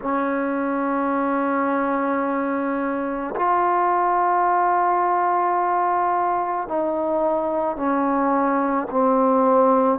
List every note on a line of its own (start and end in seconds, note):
0.01 3.34 C#4
3.35 6.68 F4
6.68 7.76 D#4
7.76 8.87 C#4
8.90 9.98 C4